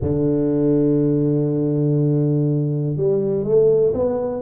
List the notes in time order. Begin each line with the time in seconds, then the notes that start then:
0.01 D3
2.96 G3
3.43 A3
3.93 B3